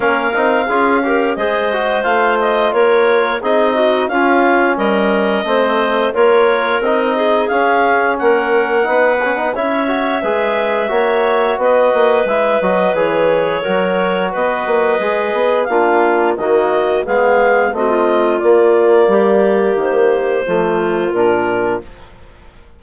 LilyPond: <<
  \new Staff \with { instrumentName = "clarinet" } { \time 4/4 \tempo 4 = 88 f''2 dis''4 f''8 dis''8 | cis''4 dis''4 f''4 dis''4~ | dis''4 cis''4 dis''4 f''4 | fis''2 e''2~ |
e''4 dis''4 e''8 dis''8 cis''4~ | cis''4 dis''2 f''4 | dis''4 f''4 dis''4 d''4~ | d''4 c''2 ais'4 | }
  \new Staff \with { instrumentName = "clarinet" } { \time 4/4 ais'4 gis'8 ais'8 c''2 | ais'4 gis'8 fis'8 f'4 ais'4 | c''4 ais'4. gis'4. | ais'4 b'4 cis''4 b'4 |
cis''4 b'2. | ais'4 b'2 f'4 | fis'4 gis'4 fis'16 f'4.~ f'16 | g'2 f'2 | }
  \new Staff \with { instrumentName = "trombone" } { \time 4/4 cis'8 dis'8 f'8 g'8 gis'8 fis'8 f'4~ | f'4 dis'4 cis'2 | c'4 f'4 dis'4 cis'4~ | cis'4 dis'8 cis'16 dis'16 e'8 fis'8 gis'4 |
fis'2 e'8 fis'8 gis'4 | fis'2 gis'4 d'4 | ais4 b4 c'4 ais4~ | ais2 a4 d'4 | }
  \new Staff \with { instrumentName = "bassoon" } { \time 4/4 ais8 c'8 cis'4 gis4 a4 | ais4 c'4 cis'4 g4 | a4 ais4 c'4 cis'4 | ais4 b4 cis'4 gis4 |
ais4 b8 ais8 gis8 fis8 e4 | fis4 b8 ais8 gis8 b8 ais4 | dis4 gis4 a4 ais4 | g4 dis4 f4 ais,4 | }
>>